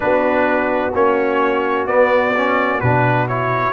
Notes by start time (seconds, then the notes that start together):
0.00 B3 D4 F#4 B4
0.93 A#3 C#4 C#5
1.86 B3 D5
2.35 C#4
2.80 B2 D4 B4
3.28 E4 C#5